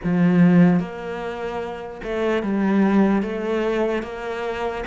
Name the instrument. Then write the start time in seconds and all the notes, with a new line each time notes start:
cello
0.03 F3
0.79 A#3
2.03 A3
2.42 G3
3.22 A3
4.02 A#3